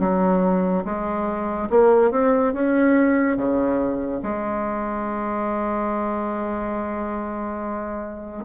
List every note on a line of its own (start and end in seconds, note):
0.00 0.85 F#3
0.85 1.69 G#3
1.70 2.11 A#3
2.11 2.54 C4
2.54 3.37 C#4
3.37 4.22 C#3
4.23 8.45 G#3